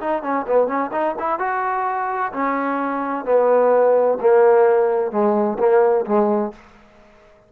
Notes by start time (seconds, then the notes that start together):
0.00 D#4
0.22 C#4
0.47 B3
0.67 C#4
0.92 D#4
1.19 E4
1.38 F#4
2.32 C#4
3.25 B3
4.20 A#3
5.11 G#3
5.58 A#3
6.05 G#3